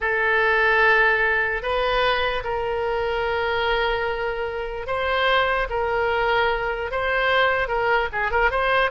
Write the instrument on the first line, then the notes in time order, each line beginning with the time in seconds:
oboe
0.00 A4
1.62 B4
2.43 A#4
4.86 C5
5.69 A#4
6.91 C5
7.68 A#4
8.12 G#4
8.31 A#4
8.50 C5